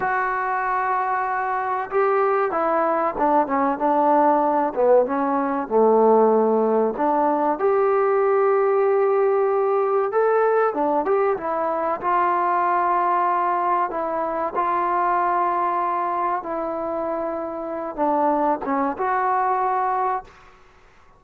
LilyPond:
\new Staff \with { instrumentName = "trombone" } { \time 4/4 \tempo 4 = 95 fis'2. g'4 | e'4 d'8 cis'8 d'4. b8 | cis'4 a2 d'4 | g'1 |
a'4 d'8 g'8 e'4 f'4~ | f'2 e'4 f'4~ | f'2 e'2~ | e'8 d'4 cis'8 fis'2 | }